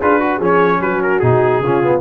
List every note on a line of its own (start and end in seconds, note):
0.00 0.40 D4
0.00 0.20 F4
0.00 0.20 G#4
0.00 0.42 B4
0.20 0.41 F#4
0.20 0.38 F#4
0.38 0.80 F3
0.38 1.23 C#4
0.38 0.78 G#4
0.45 0.82 C#5
0.80 1.21 F#3
0.80 1.64 F#4
0.80 1.02 B4
1.03 1.20 A#4
1.20 1.60 B2
1.20 1.63 D#4
1.20 2.01 G#4
1.60 2.01 C#3
1.60 1.83 C#4
1.60 2.01 F4
1.83 2.01 B3